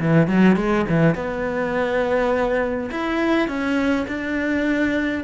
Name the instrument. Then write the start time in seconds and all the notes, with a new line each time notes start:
cello
0.00 E3
0.28 F#3
0.57 G#3
0.89 E3
1.15 B3
2.91 E4
3.48 C#4
4.08 D4